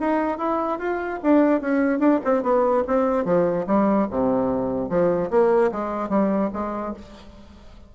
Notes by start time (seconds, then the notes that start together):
0.00 D#4
0.38 E4
0.79 F4
1.23 D4
1.61 C#4
1.99 D4
2.24 C4
2.43 B3
2.88 C4
3.25 F3
3.67 G3
4.11 C3
4.89 F3
5.31 A#3
5.72 G#3
6.10 G3
6.53 G#3